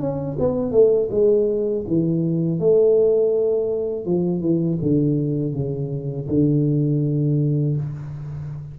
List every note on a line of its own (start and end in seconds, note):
0.00 0.37 C#4
0.39 0.71 B3
0.71 1.08 A3
1.11 1.85 G#3
1.88 2.59 E3
2.59 4.05 A3
4.05 4.41 F3
4.41 4.78 E3
4.82 5.54 D3
5.54 6.28 C#3
6.28 7.76 D3